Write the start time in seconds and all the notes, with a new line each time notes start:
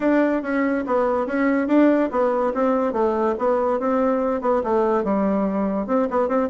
0.00 D4
0.42 C#4
0.86 B3
1.26 C#4
1.67 D4
2.11 B3
2.53 C4
2.92 A3
3.38 B3
3.79 C4
4.41 B3
4.63 A3
5.03 G3
5.86 C4
6.10 B3
6.28 C4